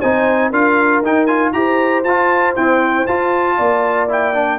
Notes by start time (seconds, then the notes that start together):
0.00 C4 D#4 C5 G#5
0.50 D4 F4 A#4 F5
1.02 D#4 G5
1.26 F4 G#5
1.53 E4 G4 C5 A#5
2.04 F4 A5
2.56 C4 E4 G5
3.07 F4 A5
3.57 A#3 D5
4.09 E4 G5
4.34 D4